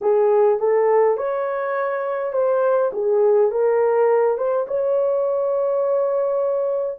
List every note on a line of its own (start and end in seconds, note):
0.01 0.59 G#4
0.59 1.17 A4
1.17 2.32 C#5
2.32 2.91 C5
2.93 3.51 G#4
3.51 4.37 A#4
4.37 4.66 C5
4.67 6.99 C#5